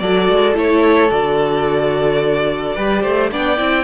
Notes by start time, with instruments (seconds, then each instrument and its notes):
0.00 cello F#3, viola F#4, violin A4 D5
0.29 cello G#3
0.55 cello A3, viola E4, violin C#5
1.11 cello D3, viola F#4, violin D5
2.75 cello G3, viola G4, violin B4
3.03 cello A3, violin C5
3.32 cello B3, viola D4, violin D5 G5
3.58 cello C4, viola E4